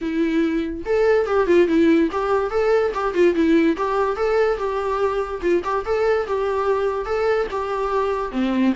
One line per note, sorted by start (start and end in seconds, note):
0.01 0.84 E4
0.85 1.26 A4
1.26 1.46 G4
1.46 1.67 F4
1.67 2.09 E4
2.11 2.50 G4
2.50 2.92 A4
2.94 3.14 G4
3.14 3.34 F4
3.34 3.76 E4
3.76 4.16 G4
4.16 4.57 A4
4.57 5.40 G4
5.41 5.62 F4
5.64 5.84 G4
5.85 6.27 A4
6.27 7.05 G4
7.05 7.47 A4
7.50 8.31 G4
8.31 8.73 C4